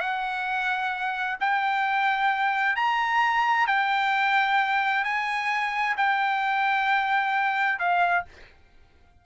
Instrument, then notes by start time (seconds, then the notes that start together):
trumpet
0.00 F#5
1.40 G5
2.76 A#5
3.67 G5
5.04 G#5
5.97 G5
7.79 F5